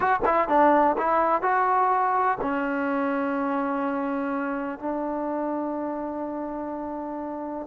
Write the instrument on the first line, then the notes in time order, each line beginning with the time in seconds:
trombone
0.00 F#4
0.25 E4
0.48 D4
0.97 E4
1.42 F#4
2.41 C#4
4.79 D4